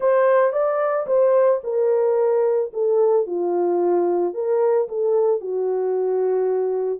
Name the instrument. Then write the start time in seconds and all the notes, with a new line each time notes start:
horn
0.00 C5
0.52 D5
1.06 C5
1.63 A#4
2.73 A4
3.26 F4
4.34 A#4
4.88 A4
5.41 F#4